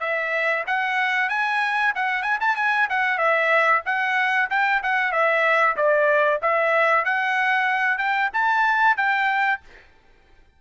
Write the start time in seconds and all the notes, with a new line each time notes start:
0.00 E5
0.67 F#5
1.29 G#5
1.95 F#5
2.23 G#5
2.40 A5
2.56 G#5
2.90 F#5
3.18 E5
3.86 F#5
4.50 G5
4.83 F#5
5.12 E5
5.76 D5
6.42 E5
7.05 F#5
7.98 G5
8.33 A5
8.97 G5